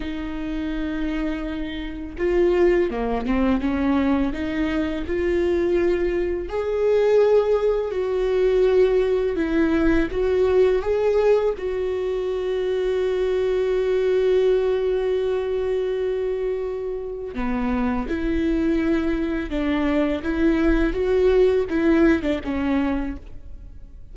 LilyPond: \new Staff \with { instrumentName = "viola" } { \time 4/4 \tempo 4 = 83 dis'2. f'4 | ais8 c'8 cis'4 dis'4 f'4~ | f'4 gis'2 fis'4~ | fis'4 e'4 fis'4 gis'4 |
fis'1~ | fis'1 | b4 e'2 d'4 | e'4 fis'4 e'8. d'16 cis'4 | }